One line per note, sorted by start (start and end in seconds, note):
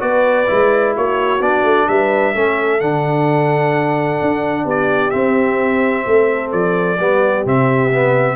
0.00 0.48 B3
0.00 0.47 F#4
0.00 0.95 B4
0.00 0.94 D5
0.47 0.97 G#3
0.47 1.40 E4
0.95 1.41 A#3
0.95 1.88 F#4
0.95 1.43 C#5
1.41 1.64 B3
1.41 2.35 D4
1.41 1.89 D5
1.64 1.87 A3
1.89 2.35 G3
1.89 2.36 B4
1.89 2.81 E5
2.35 2.81 A3
2.35 2.81 C#4
2.35 4.65 A4
2.81 4.21 D3
2.81 5.12 D4
2.81 4.67 F#5
4.22 4.65 D4
4.65 5.12 B3
4.65 6.04 G4
4.65 5.11 D5
5.11 6.98 C4
5.11 6.07 C4
5.11 6.50 E5
6.07 6.53 A3
6.07 7.00 A4
6.53 7.00 F3
6.53 7.46 D5
7.00 7.46 G3
7.00 7.46 B3
7.00 8.36 G4
7.46 8.36 C3
7.46 7.93 C4
7.46 8.36 E5
7.94 8.36 B3